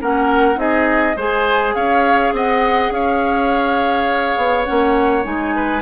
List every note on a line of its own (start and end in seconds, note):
0.00 0.56 A#3
0.00 0.55 C#4
0.00 0.59 A#4
0.00 0.59 F#5
0.55 1.14 C4
0.55 1.13 D#4
0.55 1.16 G#4
0.55 1.17 D#5
1.16 1.74 G#3
1.16 4.66 G#4
1.16 1.74 C5
1.16 1.75 G#5
1.75 2.32 C#4
1.75 2.33 C#5
1.75 2.33 F5
2.32 2.90 C4
2.32 2.93 D#5
2.32 2.92 F#5
2.90 4.35 C#4
2.90 5.55 C#5
2.90 4.64 F5
4.37 4.66 B3
4.64 5.25 A#3
4.64 5.23 C#4
4.64 5.23 F#5
5.23 5.82 G#3
5.23 5.81 D#4
5.23 5.82 G#5
5.55 5.82 B4